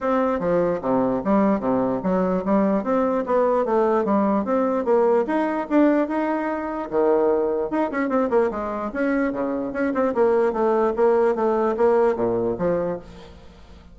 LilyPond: \new Staff \with { instrumentName = "bassoon" } { \time 4/4 \tempo 4 = 148 c'4 f4 c4 g4 | c4 fis4 g4 c'4 | b4 a4 g4 c'4 | ais4 dis'4 d'4 dis'4~ |
dis'4 dis2 dis'8 cis'8 | c'8 ais8 gis4 cis'4 cis4 | cis'8 c'8 ais4 a4 ais4 | a4 ais4 ais,4 f4 | }